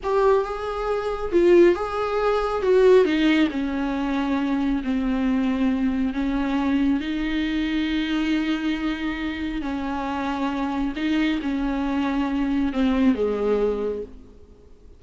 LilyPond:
\new Staff \with { instrumentName = "viola" } { \time 4/4 \tempo 4 = 137 g'4 gis'2 f'4 | gis'2 fis'4 dis'4 | cis'2. c'4~ | c'2 cis'2 |
dis'1~ | dis'2 cis'2~ | cis'4 dis'4 cis'2~ | cis'4 c'4 gis2 | }